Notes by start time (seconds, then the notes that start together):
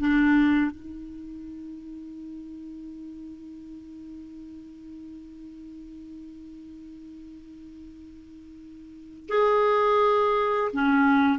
0.00 D4
0.71 D#4
9.29 G#4
10.73 C#4